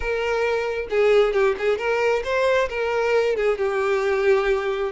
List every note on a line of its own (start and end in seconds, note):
0.00 0.87 A#4
0.90 1.33 G#4
1.33 1.55 G4
1.58 1.78 G#4
1.78 2.22 A#4
2.24 2.68 C5
2.69 3.35 A#4
3.35 3.58 G#4
3.58 4.92 G4